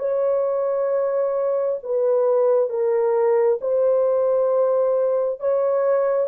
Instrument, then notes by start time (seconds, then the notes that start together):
horn
0.00 C#5
1.84 B4
2.70 A#4
3.62 C5
5.40 C#5